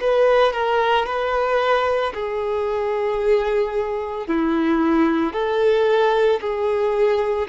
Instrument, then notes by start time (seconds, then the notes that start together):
violin
0.00 B4
0.53 A#4
1.06 B4
2.14 G#4
4.27 E4
5.33 A4
6.41 G#4